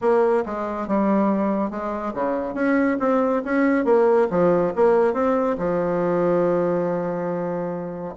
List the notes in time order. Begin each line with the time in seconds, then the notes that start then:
0.01 A#3
0.45 G#3
0.87 G3
1.70 G#3
2.14 C#3
2.54 C#4
2.99 C4
3.44 C#4
3.85 A#3
4.30 F3
4.75 A#3
5.13 C4
5.57 F3